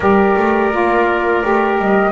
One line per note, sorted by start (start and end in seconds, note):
0.00 0.35 G3
0.00 0.72 G4
0.00 2.12 A#4
0.00 1.76 D5
0.36 0.71 A3
0.71 1.43 A#3
0.71 1.43 F4
1.43 1.78 A3
1.43 2.12 G4
1.78 2.12 G3
1.78 2.12 D#5